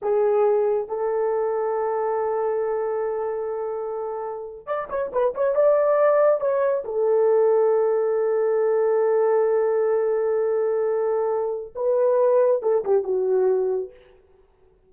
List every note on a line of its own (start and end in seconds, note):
0.02 0.88 G#4
0.88 4.66 A4
4.66 4.88 D5
4.89 5.11 C#5
5.12 5.34 B4
5.34 5.55 C#5
5.55 6.40 D5
6.40 6.83 C#5
6.84 11.73 A4
11.75 12.62 B4
12.62 12.84 A4
12.84 13.03 G4
13.03 13.90 F#4